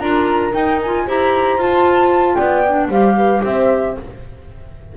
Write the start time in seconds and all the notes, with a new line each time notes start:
0.00 D4 F4 A#4 A#5
0.52 D#4 G5
0.82 F4 G#5
1.06 E4 G4 C5 A#5
1.58 F4 A5
2.35 B3 D5 G5
2.68 D4
2.88 G3 G4 C5 F5
3.17 B4
3.43 C4 C5 E5